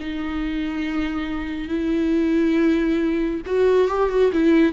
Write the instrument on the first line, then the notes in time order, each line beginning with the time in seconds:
viola
0.00 D#4
1.69 E4
3.46 F#4
3.88 G4
4.10 F#4
4.33 E4